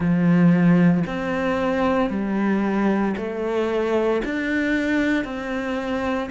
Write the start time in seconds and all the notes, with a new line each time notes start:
0.00 F3
1.06 C4
2.10 G3
3.16 A3
4.24 D4
5.24 C4